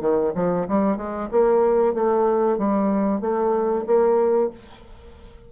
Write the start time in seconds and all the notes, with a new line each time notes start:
0.00 D#3
0.34 F3
0.67 G3
0.96 G#3
1.31 A#3
1.94 A3
2.57 G3
3.21 A3
3.86 A#3